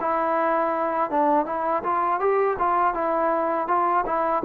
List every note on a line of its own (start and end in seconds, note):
0.00 1.10 E4
1.10 1.45 D4
1.45 1.82 E4
1.83 2.20 F4
2.20 2.57 G4
2.59 2.94 F4
2.94 3.68 E4
3.68 4.05 F4
4.06 4.43 E4